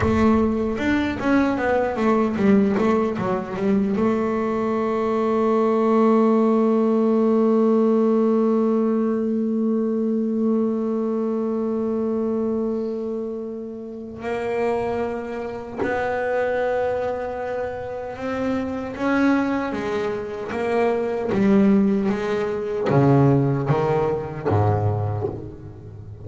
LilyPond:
\new Staff \with { instrumentName = "double bass" } { \time 4/4 \tempo 4 = 76 a4 d'8 cis'8 b8 a8 g8 a8 | fis8 g8 a2.~ | a1~ | a1~ |
a2 ais2 | b2. c'4 | cis'4 gis4 ais4 g4 | gis4 cis4 dis4 gis,4 | }